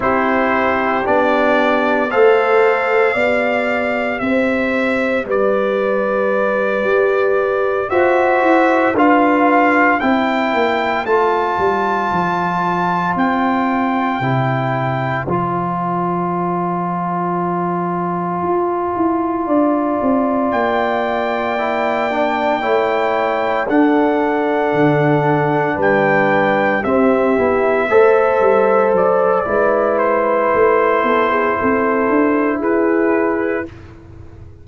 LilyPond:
<<
  \new Staff \with { instrumentName = "trumpet" } { \time 4/4 \tempo 4 = 57 c''4 d''4 f''2 | e''4 d''2~ d''8 e''8~ | e''8 f''4 g''4 a''4.~ | a''8 g''2 a''4.~ |
a''2.~ a''8 g''8~ | g''2~ g''8 fis''4.~ | fis''8 g''4 e''2 d''8~ | d''8 c''2~ c''8 b'4 | }
  \new Staff \with { instrumentName = "horn" } { \time 4/4 g'2 c''4 d''4 | c''4 b'2~ b'8 c''8~ | c''8 b'4 c''2~ c''8~ | c''1~ |
c''2~ c''8 d''4.~ | d''4. cis''4 a'4.~ | a'8 b'4 g'4 c''4. | b'4. a'16 gis'16 a'4 gis'4 | }
  \new Staff \with { instrumentName = "trombone" } { \time 4/4 e'4 d'4 a'4 g'4~ | g'2.~ g'8 fis'8~ | fis'8 f'4 e'4 f'4.~ | f'4. e'4 f'4.~ |
f'1~ | f'8 e'8 d'8 e'4 d'4.~ | d'4. c'8 e'8 a'4. | e'1 | }
  \new Staff \with { instrumentName = "tuba" } { \time 4/4 c'4 b4 a4 b4 | c'4 g4. g'4 f'8 | e'8 d'4 c'8 ais8 a8 g8 f8~ | f8 c'4 c4 f4.~ |
f4. f'8 e'8 d'8 c'8 ais8~ | ais4. a4 d'4 d8~ | d8 g4 c'8 b8 a8 g8 fis8 | gis4 a8 b8 c'8 d'8 e'4 | }
>>